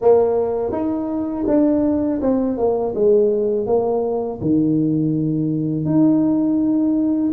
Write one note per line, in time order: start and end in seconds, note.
0.01 0.72 A#3
0.72 1.45 D#4
1.47 2.20 D4
2.21 2.57 C4
2.57 2.94 A#3
2.94 3.66 G#3
3.66 4.39 A#3
4.41 5.85 D#3
5.85 7.31 D#4